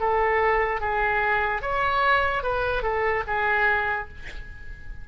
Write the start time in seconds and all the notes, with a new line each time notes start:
0.00 A4
0.81 G#4
1.62 C#5
2.43 B4
2.83 A4
3.27 G#4